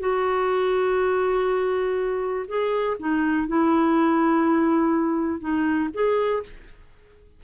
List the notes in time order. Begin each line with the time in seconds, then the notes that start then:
0.00 F#4
2.48 G#4
3.00 D#4
3.48 E4
5.40 D#4
5.94 G#4